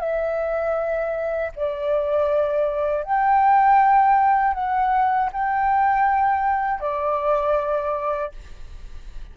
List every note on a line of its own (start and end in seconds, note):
0.00 1.52 E5
1.56 3.04 D5
3.04 4.54 G5
4.54 5.30 F#5
5.32 6.80 G5
6.80 8.32 D5